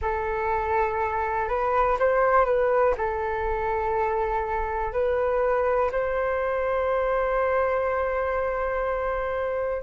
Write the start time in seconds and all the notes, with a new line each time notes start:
0.01 A4
1.48 B4
1.99 C5
2.45 B4
2.97 A4
4.92 B4
5.91 C5